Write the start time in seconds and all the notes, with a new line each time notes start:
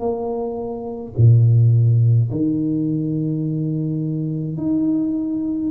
0.00 A#3
1.18 A#2
2.31 D#3
4.57 D#4